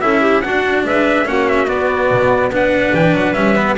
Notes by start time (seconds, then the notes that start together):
0.00 C#4 E4 A4 E5
0.21 G4
0.41 D4 F#4 F#5
0.84 G#3 B4 E5
1.25 A#3 C#4 F#4 F#5
1.48 E5
1.67 B3 D5
2.11 B2
2.50 B3 D4 B4 F#5
2.93 E3 G5
3.13 F#3 F#5
3.33 G3 C#4 E5
3.55 B3